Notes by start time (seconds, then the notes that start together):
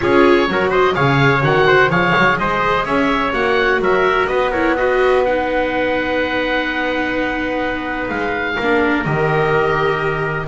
0.00 C#4 F4 G#4 C#5
0.48 F#3 F#4 A#4
0.69 C5 D#5
0.95 C#3 G#4 C#5 F5
1.42 D#3 F#4 F#5
1.67 C5
1.89 F3 G#4 C#5 F5
2.16 F#3
2.38 G#3 C5 D#5
2.84 C#4 C#5 E5
3.32 A#3 F#4 F#5
3.80 F#3 A#4 E5
4.27 B3 B4 D#5
4.50 E4 A#4 C#5
4.76 F#4 B4 D#5
5.24 D#4 F#5
8.08 G#3 F5
8.55 A#3 A#4
8.62 D4
9.04 D#3 G4 D#5